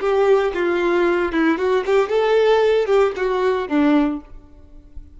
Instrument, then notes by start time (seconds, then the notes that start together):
violin
0.00 G4
0.54 F4
1.32 E4
1.58 F#4
1.86 G4
2.09 A4
2.86 G4
3.16 F#4
3.68 D4